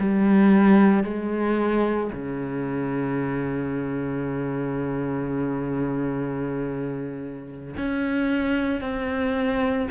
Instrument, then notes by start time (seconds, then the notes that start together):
cello
0.00 G3
1.04 G#3
2.12 C#3
7.77 C#4
8.81 C4